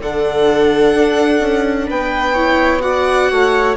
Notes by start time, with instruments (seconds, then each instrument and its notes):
0.00 bassoon D3, viola D4 A4, violin F#5
0.95 bassoon D4
1.41 bassoon C#4
1.87 bassoon B3, viola B4, violin G5
2.34 viola E4 C#5
2.81 viola F#4 D5, violin F#5
3.31 bassoon A3, viola C#5